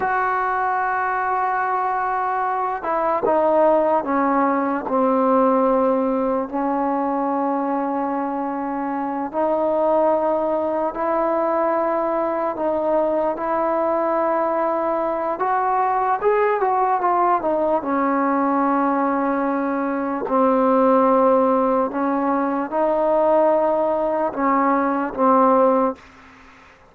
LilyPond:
\new Staff \with { instrumentName = "trombone" } { \time 4/4 \tempo 4 = 74 fis'2.~ fis'8 e'8 | dis'4 cis'4 c'2 | cis'2.~ cis'8 dis'8~ | dis'4. e'2 dis'8~ |
dis'8 e'2~ e'8 fis'4 | gis'8 fis'8 f'8 dis'8 cis'2~ | cis'4 c'2 cis'4 | dis'2 cis'4 c'4 | }